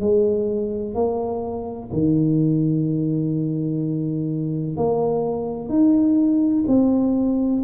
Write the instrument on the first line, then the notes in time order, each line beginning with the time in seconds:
tuba
0.00 G#3
0.94 A#3
1.92 D#3
4.77 A#3
5.69 D#4
6.67 C4